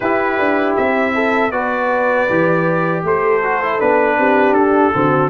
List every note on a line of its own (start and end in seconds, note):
0.00 0.38 E4
0.00 1.51 E4
0.00 1.14 G4
0.00 0.75 B4
0.38 0.76 D4
0.76 1.51 C4
0.76 1.51 E5
1.14 1.52 A4
1.51 2.27 B3
1.51 2.27 F#4
1.51 3.04 B4
1.51 3.03 D5
2.29 3.03 E3
2.29 3.42 G4
3.03 3.79 A3
3.03 4.18 A4
3.03 3.80 C5
3.42 3.61 F#4
3.62 3.79 E4
3.79 4.18 B3
3.79 4.93 D4
3.79 4.53 B4
4.18 4.52 C4
4.18 4.94 G4
4.52 4.90 D4
4.52 5.29 A4
4.93 5.29 D3
4.93 5.29 C4
4.93 5.29 F#4